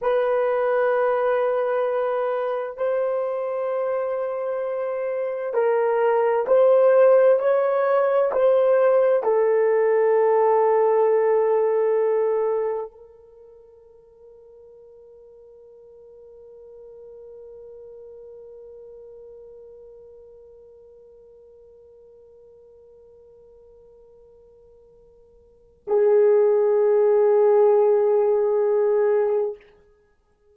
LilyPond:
\new Staff \with { instrumentName = "horn" } { \time 4/4 \tempo 4 = 65 b'2. c''4~ | c''2 ais'4 c''4 | cis''4 c''4 a'2~ | a'2 ais'2~ |
ais'1~ | ais'1~ | ais'1 | gis'1 | }